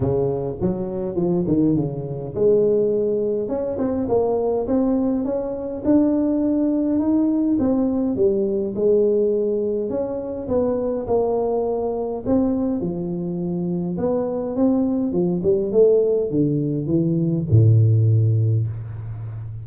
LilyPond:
\new Staff \with { instrumentName = "tuba" } { \time 4/4 \tempo 4 = 103 cis4 fis4 f8 dis8 cis4 | gis2 cis'8 c'8 ais4 | c'4 cis'4 d'2 | dis'4 c'4 g4 gis4~ |
gis4 cis'4 b4 ais4~ | ais4 c'4 f2 | b4 c'4 f8 g8 a4 | d4 e4 a,2 | }